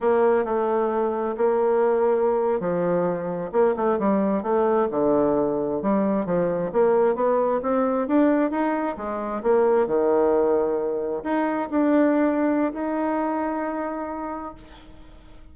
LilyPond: \new Staff \with { instrumentName = "bassoon" } { \time 4/4 \tempo 4 = 132 ais4 a2 ais4~ | ais4.~ ais16 f2 ais16~ | ais16 a8 g4 a4 d4~ d16~ | d8. g4 f4 ais4 b16~ |
b8. c'4 d'4 dis'4 gis16~ | gis8. ais4 dis2~ dis16~ | dis8. dis'4 d'2~ d'16 | dis'1 | }